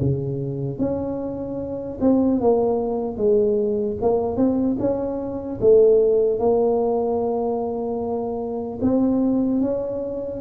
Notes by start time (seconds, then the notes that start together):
0.00 C#3
0.79 C#4
2.01 C4
2.41 A#3
3.17 G#3
4.01 A#3
4.36 C4
4.79 C#4
5.60 A3
6.39 A#3
8.81 C4
9.61 C#4